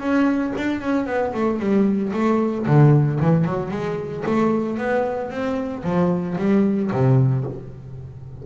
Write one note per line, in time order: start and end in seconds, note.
0.00 0.53 C#4
0.57 0.81 D4
0.81 1.07 C#4
1.07 1.33 B3
1.34 1.60 A3
1.60 2.13 G3
2.13 2.66 A3
2.67 3.20 D3
3.21 3.45 E3
3.45 3.71 F#3
3.71 4.24 G#3
4.26 4.78 A3
4.78 5.30 B3
5.30 5.83 C4
5.84 6.37 F3
6.38 6.91 G3
6.92 7.45 C3